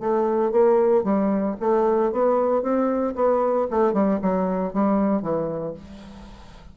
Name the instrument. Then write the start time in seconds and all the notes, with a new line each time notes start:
bassoon
0.00 A3
0.52 A#3
1.04 G3
1.60 A3
2.12 B3
2.63 C4
3.15 B3
3.70 A3
3.93 G3
4.22 F#3
4.73 G3
5.22 E3